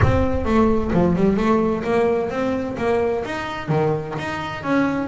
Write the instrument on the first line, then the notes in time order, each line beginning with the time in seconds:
double bass
0.02 C4
0.45 A3
0.93 F3
1.16 G3
1.36 A3
1.83 A#3
2.30 C4
2.77 A#3
3.25 D#4
3.68 D#3
4.18 D#4
4.63 C#4